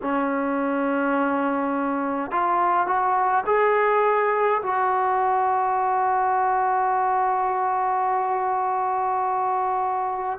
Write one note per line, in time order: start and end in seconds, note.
0.02 2.31 C#4
2.31 2.86 F4
2.86 3.44 F#4
3.46 4.61 G#4
4.62 10.38 F#4